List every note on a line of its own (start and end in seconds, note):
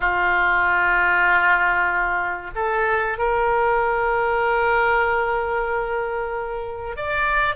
0.00 2.50 F4
2.55 3.18 A4
3.18 6.96 A#4
6.96 7.55 D5